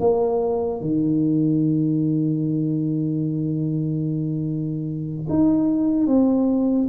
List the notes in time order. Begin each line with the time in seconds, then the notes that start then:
0.00 A#3
0.81 D#3
5.29 D#4
6.07 C4